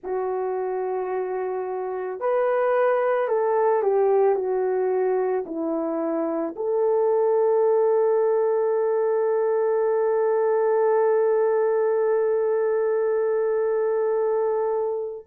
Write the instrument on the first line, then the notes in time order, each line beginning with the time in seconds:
horn
0.03 F#4
2.20 B4
3.27 A4
3.82 G4
4.35 F#4
5.45 E4
6.56 A4